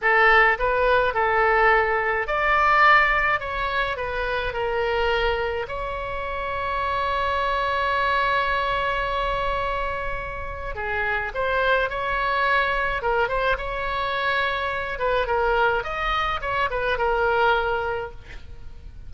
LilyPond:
\new Staff \with { instrumentName = "oboe" } { \time 4/4 \tempo 4 = 106 a'4 b'4 a'2 | d''2 cis''4 b'4 | ais'2 cis''2~ | cis''1~ |
cis''2. gis'4 | c''4 cis''2 ais'8 c''8 | cis''2~ cis''8 b'8 ais'4 | dis''4 cis''8 b'8 ais'2 | }